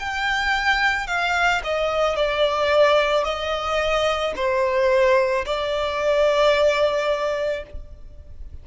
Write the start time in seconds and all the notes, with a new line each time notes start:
0.00 G5
1.07 F5
1.64 D#5
2.16 D5
3.24 D#5
4.36 C5
5.45 D5